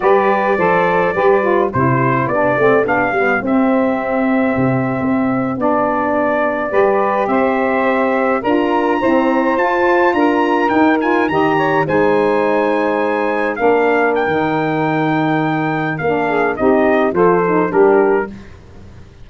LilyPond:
<<
  \new Staff \with { instrumentName = "trumpet" } { \time 4/4 \tempo 4 = 105 d''2. c''4 | d''4 f''4 e''2~ | e''4.~ e''16 d''2~ d''16~ | d''8. e''2 ais''4~ ais''16~ |
ais''8. a''4 ais''4 g''8 gis''8 ais''16~ | ais''8. gis''2. f''16~ | f''8. g''2.~ g''16 | f''4 dis''4 c''4 ais'4 | }
  \new Staff \with { instrumentName = "saxophone" } { \time 4/4 b'4 c''4 b'4 g'4~ | g'1~ | g'2.~ g'8. b'16~ | b'8. c''2 ais'4 c''16~ |
c''4.~ c''16 ais'2 dis''16~ | dis''16 cis''8 c''2. ais'16~ | ais'1~ | ais'8 gis'8 g'4 a'4 g'4 | }
  \new Staff \with { instrumentName = "saxophone" } { \time 4/4 g'4 a'4 g'8 f'8 e'4 | d'8 c'8 d'8 b8 c'2~ | c'4.~ c'16 d'2 g'16~ | g'2~ g'8. f'4 c'16~ |
c'8. f'2 dis'8 f'8 g'16~ | g'8. dis'2. d'16~ | d'4 dis'2. | d'4 dis'4 f'8 dis'8 d'4 | }
  \new Staff \with { instrumentName = "tuba" } { \time 4/4 g4 f4 g4 c4 | b8 a8 b8 g8 c'2 | c8. c'4 b2 g16~ | g8. c'2 d'4 e'16~ |
e'8. f'4 d'4 dis'4 dis16~ | dis8. gis2. ais16~ | ais4 dis2. | ais4 c'4 f4 g4 | }
>>